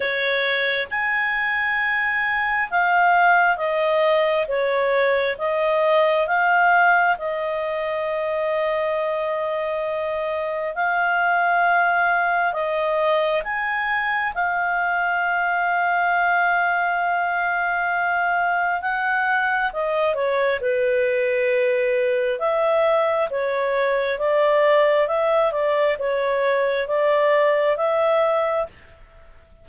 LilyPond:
\new Staff \with { instrumentName = "clarinet" } { \time 4/4 \tempo 4 = 67 cis''4 gis''2 f''4 | dis''4 cis''4 dis''4 f''4 | dis''1 | f''2 dis''4 gis''4 |
f''1~ | f''4 fis''4 dis''8 cis''8 b'4~ | b'4 e''4 cis''4 d''4 | e''8 d''8 cis''4 d''4 e''4 | }